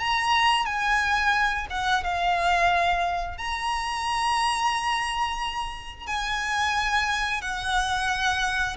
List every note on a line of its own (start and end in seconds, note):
0.00 0.66 A#5
0.66 1.67 G#5
1.70 2.04 F#5
2.04 3.38 F5
3.38 6.07 A#5
6.07 7.42 G#5
7.42 8.77 F#5